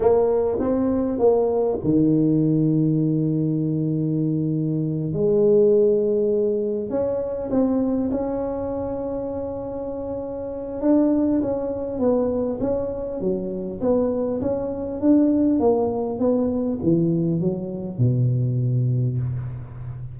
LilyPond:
\new Staff \with { instrumentName = "tuba" } { \time 4/4 \tempo 4 = 100 ais4 c'4 ais4 dis4~ | dis1~ | dis8 gis2. cis'8~ | cis'8 c'4 cis'2~ cis'8~ |
cis'2 d'4 cis'4 | b4 cis'4 fis4 b4 | cis'4 d'4 ais4 b4 | e4 fis4 b,2 | }